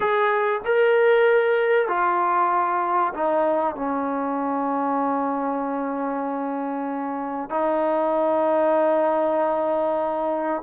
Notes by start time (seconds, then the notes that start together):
0.00 G#4
0.65 A#4
1.88 F4
3.13 D#4
3.75 C#4
7.49 D#4